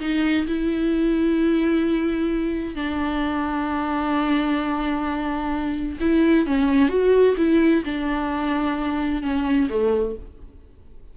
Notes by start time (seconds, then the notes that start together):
0.00 D#4
0.47 E4
2.75 D4
6.00 E4
6.46 C#4
6.89 F#4
7.37 E4
7.85 D4
9.22 C#4
9.70 A3